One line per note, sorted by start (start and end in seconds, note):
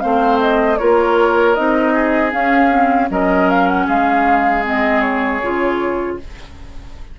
0.00 0.81 A3
0.00 0.78 C4
0.00 0.79 C5
0.00 0.38 F5
0.40 0.78 D#5
0.78 1.58 A#3
0.78 1.56 F4
0.78 1.93 A#4
0.78 1.54 C#5
1.54 2.33 C4
1.54 2.31 D#4
1.54 2.31 D#5
1.93 3.09 G#4
2.31 2.70 C#4
2.31 3.10 C#4
2.31 3.10 F5
2.71 3.09 C4
3.10 3.87 F#3
3.10 4.64 C#4
3.10 3.87 A#4
3.10 3.50 D#5
3.50 3.68 F5
3.68 3.87 F#5
3.87 5.42 G#3
3.87 6.17 G#4
3.87 4.65 F5
4.64 5.41 C4
4.64 5.01 D#5
5.01 6.17 C#5
5.42 6.20 C#3
5.42 6.19 F4